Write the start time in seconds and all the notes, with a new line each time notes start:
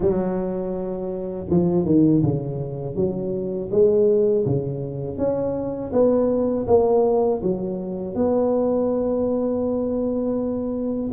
0.00 F#3
1.49 F3
1.85 D#3
2.22 C#3
2.95 F#3
3.71 G#3
4.45 C#3
5.17 C#4
5.92 B3
6.67 A#3
7.42 F#3
8.14 B3